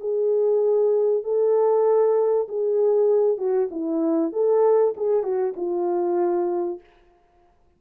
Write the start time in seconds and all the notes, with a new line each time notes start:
0.00 G#4
1.24 A4
2.49 G#4
3.38 F#4
3.71 E4
4.32 A4
4.97 G#4
5.23 F#4
5.56 F4